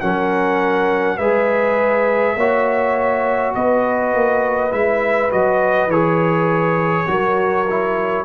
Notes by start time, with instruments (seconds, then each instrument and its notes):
0.00 tuba F#3, trombone C#4, horn A#4, trumpet F#5
1.17 tuba G#3, trombone G#4, horn B4, trumpet E5
2.36 tuba A#3, trombone F#4, horn C#5
3.54 tuba B3, horn B4, trumpet D#5
4.14 tuba A#3
4.71 tuba G#3, trombone E4, trumpet E5
5.30 tuba F#3, trombone F#4, trumpet D#5
5.87 tuba E3, trombone G#4, trumpet C#5
7.06 tuba F#3, trombone F#4, horn A#4
7.69 trombone E4